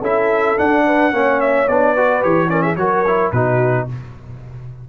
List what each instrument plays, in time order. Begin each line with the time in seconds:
0.00 tuba C#4, trombone E4, horn A4, trumpet E5
0.57 trombone D4, tuba D4, trumpet F#5
0.86 horn B4
1.12 tuba A#3, trombone C#4, horn C#5
1.40 trumpet E5
1.68 tuba B3, trombone D4, trumpet D5
1.93 trombone F#4, horn B4
2.22 tuba E3, trombone G4, trumpet C#5
2.48 trombone C#4, horn A#4, trumpet D5
2.62 horn G#4, trumpet E5
2.76 tuba F#3, trombone F#4, horn A#4, trumpet C#5
3.07 trombone E4
3.32 tuba B2, trombone D#4, horn F#4, trumpet B4